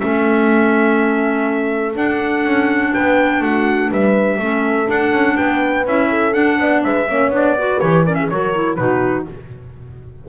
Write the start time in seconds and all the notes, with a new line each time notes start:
0.00 A3 C#4 A4 E5
1.95 D4 F#5
2.44 C#4
2.93 B3 B4 G5
3.41 A3 F#4 F#5
3.91 G3 B4 E5
4.37 A3 C#4 A4
4.87 D4 F#5
5.13 C#4
5.36 B3 B4 G5
5.86 C#4 E4 E5
6.10 A4
6.33 D4 F#5
6.59 B3 D5
6.84 G#3 B4 E5
7.09 A#3 C#4 C#5
7.30 B3 D4
7.36 D5
7.58 F#4 B4
7.80 E3 G4 C#5
8.05 C#4 A#4 D5
8.15 G#4 E5
8.30 F#3 F#4 A#4 C#5
8.54 E4
8.77 B2 D#4 F#4 B4